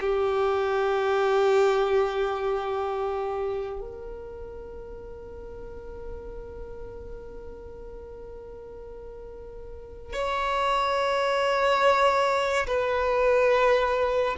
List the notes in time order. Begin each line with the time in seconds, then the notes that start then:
0.00 G4
3.80 A#4
10.13 C#5
12.66 B4